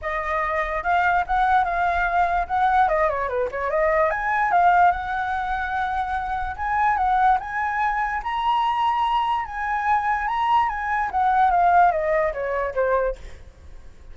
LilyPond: \new Staff \with { instrumentName = "flute" } { \time 4/4 \tempo 4 = 146 dis''2 f''4 fis''4 | f''2 fis''4 dis''8 cis''8 | b'8 cis''8 dis''4 gis''4 f''4 | fis''1 |
gis''4 fis''4 gis''2 | ais''2. gis''4~ | gis''4 ais''4 gis''4 fis''4 | f''4 dis''4 cis''4 c''4 | }